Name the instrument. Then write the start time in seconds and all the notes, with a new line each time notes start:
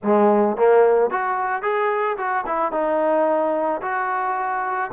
trombone
0.03 G#3
0.57 A#3
1.10 F#4
1.62 G#4
2.17 F#4
2.46 E4
2.71 D#4
3.81 F#4